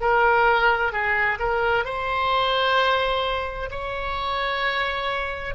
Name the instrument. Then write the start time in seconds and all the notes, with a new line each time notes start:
oboe
0.00 A#4
0.92 G#4
1.39 A#4
1.85 C5
3.70 C#5